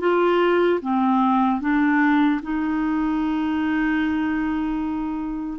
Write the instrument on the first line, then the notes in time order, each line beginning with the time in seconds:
clarinet
0.00 F4
0.81 C4
1.61 D4
2.42 D#4